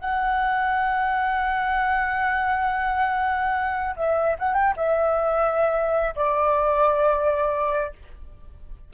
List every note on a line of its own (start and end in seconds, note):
0.00 3.95 F#5
3.96 4.36 E5
4.39 4.54 F#5
4.54 4.74 G5
4.77 6.15 E5
6.15 7.93 D5